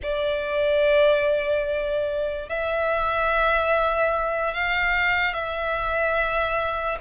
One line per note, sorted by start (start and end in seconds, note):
0.02 2.49 D5
2.49 4.54 E5
4.54 5.33 F5
5.33 6.98 E5